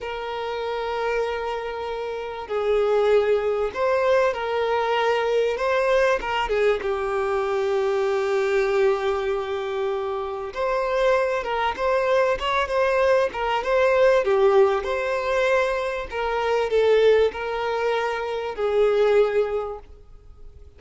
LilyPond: \new Staff \with { instrumentName = "violin" } { \time 4/4 \tempo 4 = 97 ais'1 | gis'2 c''4 ais'4~ | ais'4 c''4 ais'8 gis'8 g'4~ | g'1~ |
g'4 c''4. ais'8 c''4 | cis''8 c''4 ais'8 c''4 g'4 | c''2 ais'4 a'4 | ais'2 gis'2 | }